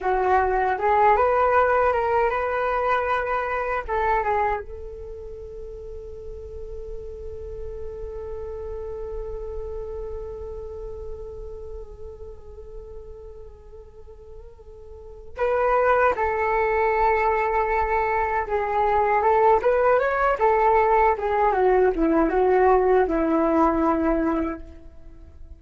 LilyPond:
\new Staff \with { instrumentName = "flute" } { \time 4/4 \tempo 4 = 78 fis'4 gis'8 b'4 ais'8 b'4~ | b'4 a'8 gis'8 a'2~ | a'1~ | a'1~ |
a'1 | b'4 a'2. | gis'4 a'8 b'8 cis''8 a'4 gis'8 | fis'8 e'8 fis'4 e'2 | }